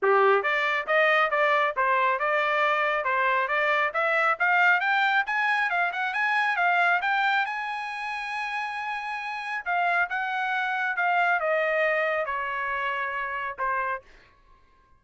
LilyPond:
\new Staff \with { instrumentName = "trumpet" } { \time 4/4 \tempo 4 = 137 g'4 d''4 dis''4 d''4 | c''4 d''2 c''4 | d''4 e''4 f''4 g''4 | gis''4 f''8 fis''8 gis''4 f''4 |
g''4 gis''2.~ | gis''2 f''4 fis''4~ | fis''4 f''4 dis''2 | cis''2. c''4 | }